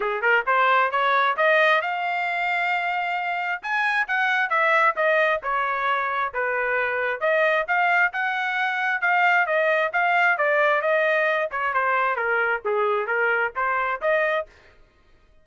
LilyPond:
\new Staff \with { instrumentName = "trumpet" } { \time 4/4 \tempo 4 = 133 gis'8 ais'8 c''4 cis''4 dis''4 | f''1 | gis''4 fis''4 e''4 dis''4 | cis''2 b'2 |
dis''4 f''4 fis''2 | f''4 dis''4 f''4 d''4 | dis''4. cis''8 c''4 ais'4 | gis'4 ais'4 c''4 dis''4 | }